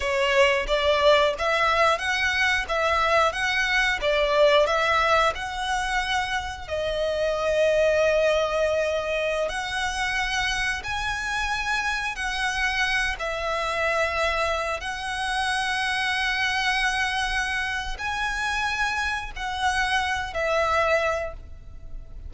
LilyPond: \new Staff \with { instrumentName = "violin" } { \time 4/4 \tempo 4 = 90 cis''4 d''4 e''4 fis''4 | e''4 fis''4 d''4 e''4 | fis''2 dis''2~ | dis''2~ dis''16 fis''4.~ fis''16~ |
fis''16 gis''2 fis''4. e''16~ | e''2~ e''16 fis''4.~ fis''16~ | fis''2. gis''4~ | gis''4 fis''4. e''4. | }